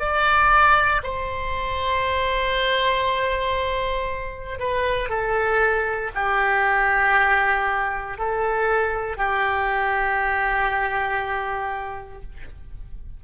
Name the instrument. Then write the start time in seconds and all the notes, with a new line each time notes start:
oboe
0.00 D5
1.04 C5
4.60 B4
5.10 A4
6.15 G4
8.19 A4
9.18 G4